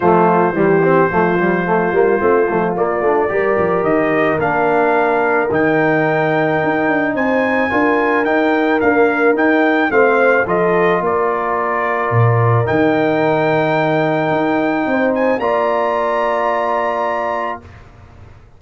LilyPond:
<<
  \new Staff \with { instrumentName = "trumpet" } { \time 4/4 \tempo 4 = 109 c''1~ | c''4 d''2 dis''4 | f''2 g''2~ | g''4 gis''2 g''4 |
f''4 g''4 f''4 dis''4 | d''2. g''4~ | g''2.~ g''8 gis''8 | ais''1 | }
  \new Staff \with { instrumentName = "horn" } { \time 4/4 f'4 g'4 f'2~ | f'2 ais'2~ | ais'1~ | ais'4 c''4 ais'2~ |
ais'2 c''4 a'4 | ais'1~ | ais'2. c''4 | d''1 | }
  \new Staff \with { instrumentName = "trombone" } { \time 4/4 a4 g8 c'8 a8 g8 a8 ais8 | c'8 a8 ais8 d'8 g'2 | d'2 dis'2~ | dis'2 f'4 dis'4 |
ais4 dis'4 c'4 f'4~ | f'2. dis'4~ | dis'1 | f'1 | }
  \new Staff \with { instrumentName = "tuba" } { \time 4/4 f4 e4 f4. g8 | a8 f8 ais8 a8 g8 f8 dis4 | ais2 dis2 | dis'8 d'8 c'4 d'4 dis'4 |
d'4 dis'4 a4 f4 | ais2 ais,4 dis4~ | dis2 dis'4 c'4 | ais1 | }
>>